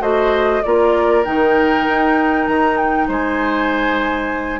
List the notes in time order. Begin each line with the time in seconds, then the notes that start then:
0.00 A3 F#4 C5 D#5
0.63 A#3 F4 A#4 D5
1.24 D#3 D#4 G5
1.87 D#4
2.46 D#3 A#5
2.77 G5
3.08 G#3 C5 G#5